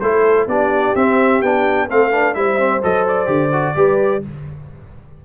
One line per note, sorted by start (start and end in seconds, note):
0.00 0.47 A3
0.00 0.49 E4
0.00 0.48 A4
0.00 0.47 C5
0.47 0.94 B3
0.47 0.96 D4
0.47 1.88 G4
0.47 0.95 D5
0.95 1.42 C4
0.95 1.43 C4
0.95 1.42 E5
1.42 1.89 B3
1.42 1.89 D4
1.42 1.89 G5
1.88 2.36 A3
1.88 2.12 C4
1.88 2.11 A4
1.88 2.34 F5
2.11 2.35 D4
2.11 2.34 B4
2.34 2.83 G3
2.34 2.58 E4
2.34 3.76 C5
2.34 2.81 E5
2.58 2.82 C4
2.83 3.28 F#3
2.83 3.26 A4
2.83 3.07 D#5
3.08 4.25 D5
3.26 3.75 D3
3.26 3.49 G4
3.53 3.75 F#4
3.75 4.23 G3
3.75 4.22 G4
3.75 4.23 B4